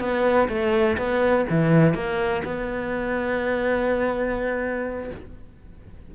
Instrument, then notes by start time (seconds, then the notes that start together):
cello
0.00 B3
0.49 A3
0.98 B3
1.50 E3
1.94 A#3
2.45 B3